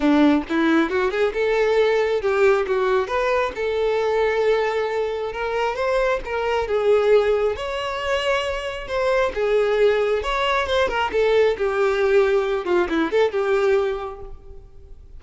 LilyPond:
\new Staff \with { instrumentName = "violin" } { \time 4/4 \tempo 4 = 135 d'4 e'4 fis'8 gis'8 a'4~ | a'4 g'4 fis'4 b'4 | a'1 | ais'4 c''4 ais'4 gis'4~ |
gis'4 cis''2. | c''4 gis'2 cis''4 | c''8 ais'8 a'4 g'2~ | g'8 f'8 e'8 a'8 g'2 | }